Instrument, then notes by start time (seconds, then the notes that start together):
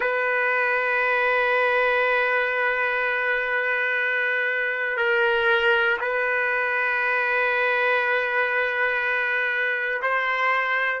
trumpet
0.00 B4
4.97 A#4
6.00 B4
10.01 C5